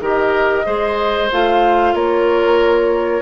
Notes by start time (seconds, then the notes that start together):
0.00 D#3 G4 A#4 D#5
0.65 G#3 G#4 C5
1.32 A3 F4 F5
1.94 A#3 A#4 C#5